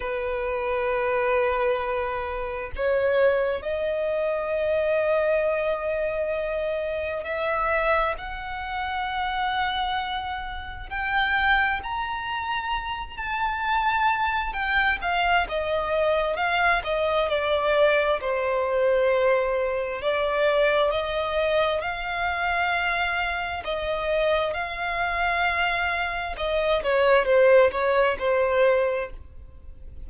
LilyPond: \new Staff \with { instrumentName = "violin" } { \time 4/4 \tempo 4 = 66 b'2. cis''4 | dis''1 | e''4 fis''2. | g''4 ais''4. a''4. |
g''8 f''8 dis''4 f''8 dis''8 d''4 | c''2 d''4 dis''4 | f''2 dis''4 f''4~ | f''4 dis''8 cis''8 c''8 cis''8 c''4 | }